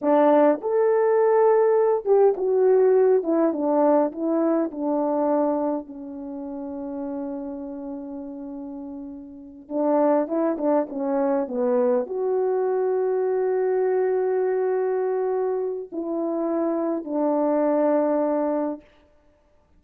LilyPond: \new Staff \with { instrumentName = "horn" } { \time 4/4 \tempo 4 = 102 d'4 a'2~ a'8 g'8 | fis'4. e'8 d'4 e'4 | d'2 cis'2~ | cis'1~ |
cis'8 d'4 e'8 d'8 cis'4 b8~ | b8 fis'2.~ fis'8~ | fis'2. e'4~ | e'4 d'2. | }